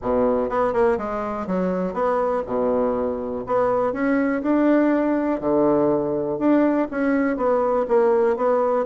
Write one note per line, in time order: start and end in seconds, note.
0.02 0.49 B2
0.49 0.73 B3
0.73 0.97 A#3
0.97 1.46 G#3
1.46 1.93 F#3
1.93 2.42 B3
2.46 3.44 B2
3.46 3.92 B3
3.92 4.42 C#4
4.42 5.40 D4
5.40 6.38 D3
6.38 6.87 D4
6.90 7.36 C#4
7.36 7.86 B3
7.88 8.36 A#3
8.36 8.85 B3